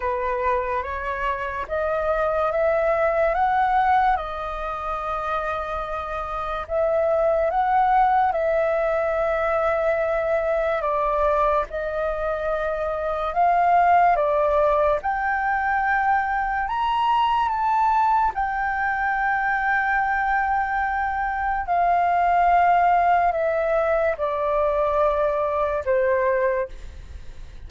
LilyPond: \new Staff \with { instrumentName = "flute" } { \time 4/4 \tempo 4 = 72 b'4 cis''4 dis''4 e''4 | fis''4 dis''2. | e''4 fis''4 e''2~ | e''4 d''4 dis''2 |
f''4 d''4 g''2 | ais''4 a''4 g''2~ | g''2 f''2 | e''4 d''2 c''4 | }